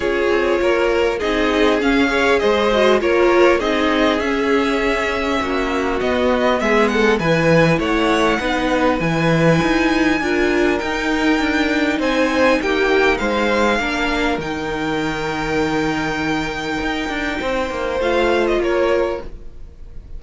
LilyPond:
<<
  \new Staff \with { instrumentName = "violin" } { \time 4/4 \tempo 4 = 100 cis''2 dis''4 f''4 | dis''4 cis''4 dis''4 e''4~ | e''2 dis''4 e''8 fis''8 | gis''4 fis''2 gis''4~ |
gis''2 g''2 | gis''4 g''4 f''2 | g''1~ | g''2 f''8. dis''16 cis''4 | }
  \new Staff \with { instrumentName = "violin" } { \time 4/4 gis'4 ais'4 gis'4. cis''8 | c''4 ais'4 gis'2~ | gis'4 fis'2 gis'8 a'8 | b'4 cis''4 b'2~ |
b'4 ais'2. | c''4 g'4 c''4 ais'4~ | ais'1~ | ais'4 c''2 ais'4 | }
  \new Staff \with { instrumentName = "viola" } { \time 4/4 f'2 dis'4 cis'8 gis'8~ | gis'8 fis'8 f'4 dis'4 cis'4~ | cis'2 b2 | e'2 dis'4 e'4~ |
e'4 f'4 dis'2~ | dis'2. d'4 | dis'1~ | dis'2 f'2 | }
  \new Staff \with { instrumentName = "cello" } { \time 4/4 cis'8 c'8 ais4 c'4 cis'4 | gis4 ais4 c'4 cis'4~ | cis'4 ais4 b4 gis4 | e4 a4 b4 e4 |
dis'4 d'4 dis'4 d'4 | c'4 ais4 gis4 ais4 | dis1 | dis'8 d'8 c'8 ais8 a4 ais4 | }
>>